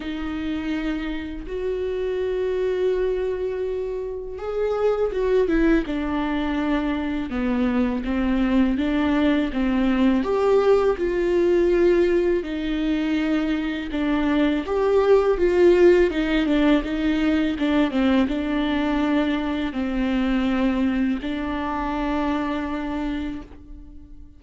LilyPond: \new Staff \with { instrumentName = "viola" } { \time 4/4 \tempo 4 = 82 dis'2 fis'2~ | fis'2 gis'4 fis'8 e'8 | d'2 b4 c'4 | d'4 c'4 g'4 f'4~ |
f'4 dis'2 d'4 | g'4 f'4 dis'8 d'8 dis'4 | d'8 c'8 d'2 c'4~ | c'4 d'2. | }